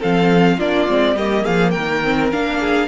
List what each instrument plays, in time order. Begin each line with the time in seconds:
0.00 cello F3, viola C4, violin A4 F5
0.58 cello A#3, viola D4, violin F4 D5
0.88 cello G#3, viola C4
1.16 cello G3, viola A#3, violin G4 D#5
1.44 cello F3, violin G#4 F5
1.71 violin A#4 G5
1.78 cello D#3
2.04 viola C4
2.32 cello A#3, viola D4, violin F5
2.60 violin G#4